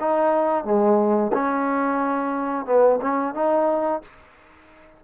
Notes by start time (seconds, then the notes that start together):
0.00 D#4
0.64 G#3
1.33 C#4
2.66 B3
3.02 C#4
3.35 D#4